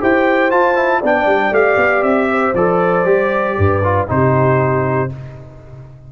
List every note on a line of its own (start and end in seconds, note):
0.00 0.52 E4
0.00 0.51 G4
0.00 1.00 C5
0.00 0.51 G5
0.51 0.75 F4
0.51 1.03 F4
0.51 1.02 A5
0.75 1.01 E4
1.00 1.26 B3
1.00 1.53 D4
1.00 2.27 D5
1.00 1.54 G5
1.26 1.51 G3
1.51 1.76 A3
1.51 2.54 G4
1.51 2.03 F5
1.77 2.02 B3
2.02 2.53 C4
2.02 2.54 E5
2.31 3.58 C5
2.54 3.05 F3
2.54 3.05 A4
2.54 4.08 D5
3.05 3.56 G3
3.05 3.81 G4
3.58 4.08 G2
3.58 4.09 B4
3.84 4.08 F4
4.08 5.12 C3
4.08 5.09 D#4
4.08 5.10 G4
4.08 5.12 C5